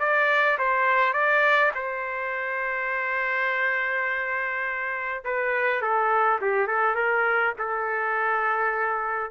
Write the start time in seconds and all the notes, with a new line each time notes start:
0.00 D5
0.59 C5
1.14 D5
1.75 C5
5.25 B4
5.82 A4
6.41 G4
6.67 A4
6.96 A#4
7.59 A4